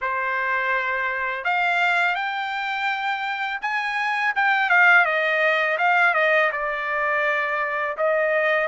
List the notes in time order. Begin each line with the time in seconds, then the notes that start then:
0.01 C5
1.44 F5
2.15 G5
3.61 G#5
4.35 G5
4.69 F5
5.05 D#5
5.78 F5
6.14 D#5
6.52 D5
7.97 D#5